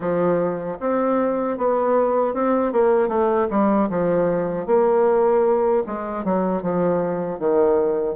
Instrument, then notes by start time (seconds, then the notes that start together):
bassoon
0.00 F3
0.80 C4
1.57 B3
2.34 C4
2.72 A#3
3.08 A3
3.50 G3
3.89 F3
4.66 A#3
5.86 G#3
6.24 F#3
6.62 F3
7.39 D#3